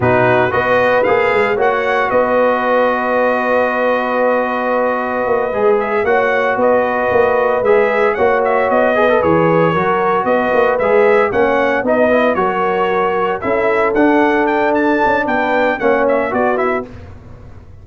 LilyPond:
<<
  \new Staff \with { instrumentName = "trumpet" } { \time 4/4 \tempo 4 = 114 b'4 dis''4 f''4 fis''4 | dis''1~ | dis''2. e''8 fis''8~ | fis''8 dis''2 e''4 fis''8 |
e''8 dis''4 cis''2 dis''8~ | dis''8 e''4 fis''4 dis''4 cis''8~ | cis''4. e''4 fis''4 g''8 | a''4 g''4 fis''8 e''8 d''8 e''8 | }
  \new Staff \with { instrumentName = "horn" } { \time 4/4 fis'4 b'2 cis''4 | b'1~ | b'2.~ b'8 cis''8~ | cis''8 b'2. cis''8~ |
cis''4 b'4. ais'4 b'8~ | b'4. cis''4 b'4 ais'8~ | ais'4. a'2~ a'8~ | a'4 b'4 cis''4 fis'4 | }
  \new Staff \with { instrumentName = "trombone" } { \time 4/4 dis'4 fis'4 gis'4 fis'4~ | fis'1~ | fis'2~ fis'8 gis'4 fis'8~ | fis'2~ fis'8 gis'4 fis'8~ |
fis'4 gis'16 a'16 gis'4 fis'4.~ | fis'8 gis'4 cis'4 dis'8 e'8 fis'8~ | fis'4. e'4 d'4.~ | d'2 cis'4 fis'8 e'8 | }
  \new Staff \with { instrumentName = "tuba" } { \time 4/4 b,4 b4 ais8 gis8 ais4 | b1~ | b2 ais8 gis4 ais8~ | ais8 b4 ais4 gis4 ais8~ |
ais8 b4 e4 fis4 b8 | ais8 gis4 ais4 b4 fis8~ | fis4. cis'4 d'4.~ | d'8 cis'8 b4 ais4 b4 | }
>>